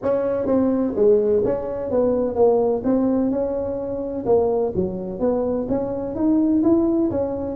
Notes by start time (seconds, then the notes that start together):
0.02 C#4
0.46 C4
0.95 G#3
1.44 C#4
1.90 B3
2.35 A#3
2.84 C4
3.30 C#4
4.25 A#3
4.75 F#3
5.19 B3
5.68 C#4
6.15 D#4
6.63 E4
7.11 C#4